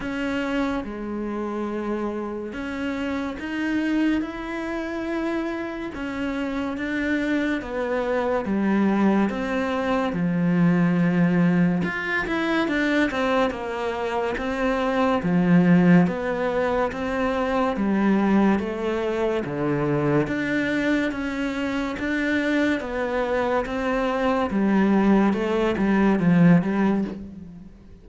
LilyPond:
\new Staff \with { instrumentName = "cello" } { \time 4/4 \tempo 4 = 71 cis'4 gis2 cis'4 | dis'4 e'2 cis'4 | d'4 b4 g4 c'4 | f2 f'8 e'8 d'8 c'8 |
ais4 c'4 f4 b4 | c'4 g4 a4 d4 | d'4 cis'4 d'4 b4 | c'4 g4 a8 g8 f8 g8 | }